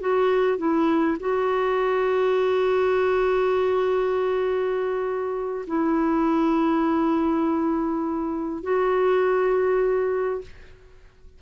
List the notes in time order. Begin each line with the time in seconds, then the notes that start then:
0.00 F#4
0.58 E4
1.20 F#4
5.67 E4
8.63 F#4